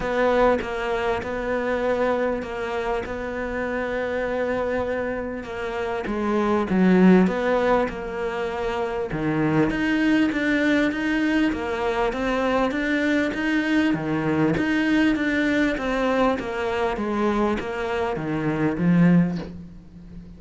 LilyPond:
\new Staff \with { instrumentName = "cello" } { \time 4/4 \tempo 4 = 99 b4 ais4 b2 | ais4 b2.~ | b4 ais4 gis4 fis4 | b4 ais2 dis4 |
dis'4 d'4 dis'4 ais4 | c'4 d'4 dis'4 dis4 | dis'4 d'4 c'4 ais4 | gis4 ais4 dis4 f4 | }